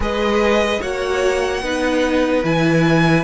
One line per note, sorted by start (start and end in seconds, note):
0.00 0.78 G#3
0.00 0.80 G#4
0.00 0.81 B4
0.00 0.82 D#5
0.81 1.61 A#3
0.81 1.62 F#4
0.81 1.62 C#5
0.81 2.44 F#5
1.61 2.43 B3
1.61 2.43 D#4
1.61 3.23 B4
2.43 3.23 E3
2.43 3.23 E4
2.43 3.23 G#5